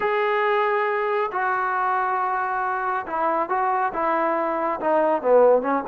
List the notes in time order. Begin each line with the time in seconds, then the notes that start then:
0.00 G#4
1.32 F#4
3.06 E4
3.49 F#4
3.93 E4
4.80 D#4
5.22 B3
5.62 C#4